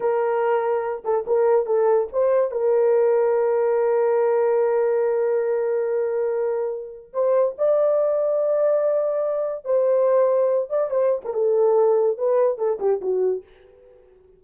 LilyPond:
\new Staff \with { instrumentName = "horn" } { \time 4/4 \tempo 4 = 143 ais'2~ ais'8 a'8 ais'4 | a'4 c''4 ais'2~ | ais'1~ | ais'1~ |
ais'4 c''4 d''2~ | d''2. c''4~ | c''4. d''8 c''8. ais'16 a'4~ | a'4 b'4 a'8 g'8 fis'4 | }